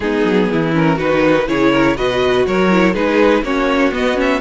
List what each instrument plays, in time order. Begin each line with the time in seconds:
0.00 cello G#3, viola B3, violin D#4 G#4
0.23 cello F#3
0.51 cello E3, violin E4
0.72 viola C#4, violin A#4
0.95 cello D#3, viola D#4, violin F#4 B4
1.47 cello C#3, viola E4, violin G#4 C#5
1.72 violin A#4
1.96 cello B2, viola F#4, violin B4 D#5
2.46 cello F#3, violin A#4 C#5
2.70 viola E4
2.93 cello G#3, viola D#4, violin G#4 B4
3.42 cello A#3, viola C#4, violin F#4 C#5
3.91 viola B3, cello B3, violin D#5
4.15 viola C#4, violin E5